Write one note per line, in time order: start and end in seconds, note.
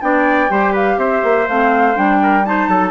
0.00 0.50 B3
0.00 0.49 D4
0.00 0.51 D5
0.00 0.74 G5
0.49 0.97 G3
0.49 1.46 G4
0.49 0.72 C5
0.72 0.97 B4
0.72 0.99 F5
0.97 1.21 C4
0.97 2.21 C5
0.97 1.48 E5
1.23 1.48 A#3
1.48 1.97 A3
1.48 1.94 C4
1.48 1.97 F5
1.94 2.68 G3
1.94 2.43 D4
1.94 2.45 G5
2.22 2.47 A#4
2.44 2.90 D#4
2.44 2.69 C5
2.44 2.90 A5
2.68 2.90 F#3
2.68 2.90 A4